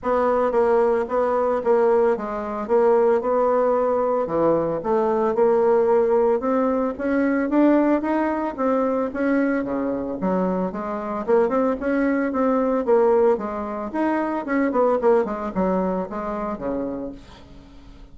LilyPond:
\new Staff \with { instrumentName = "bassoon" } { \time 4/4 \tempo 4 = 112 b4 ais4 b4 ais4 | gis4 ais4 b2 | e4 a4 ais2 | c'4 cis'4 d'4 dis'4 |
c'4 cis'4 cis4 fis4 | gis4 ais8 c'8 cis'4 c'4 | ais4 gis4 dis'4 cis'8 b8 | ais8 gis8 fis4 gis4 cis4 | }